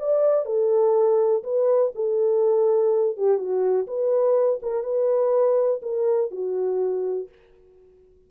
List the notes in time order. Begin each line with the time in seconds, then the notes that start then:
0.00 D5
0.46 A4
1.44 B4
1.95 A4
3.17 G4
3.38 F#4
3.87 B4
4.63 A#4
4.84 B4
5.82 A#4
6.31 F#4